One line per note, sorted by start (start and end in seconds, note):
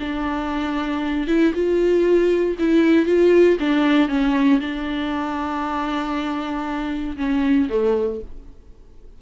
0.00 1.28 D4
1.28 1.53 E4
1.54 2.57 F4
2.59 3.06 E4
3.06 3.57 F4
3.60 4.09 D4
4.09 4.60 C#4
4.60 7.17 D4
7.17 7.68 C#4
7.69 8.21 A3